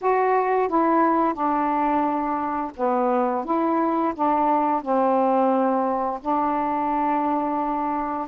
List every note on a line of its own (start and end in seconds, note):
0.01 0.68 F#4
0.68 1.33 E4
1.33 2.71 D4
2.76 3.45 B3
3.45 4.13 E4
4.14 4.82 D4
4.82 6.20 C4
6.21 8.27 D4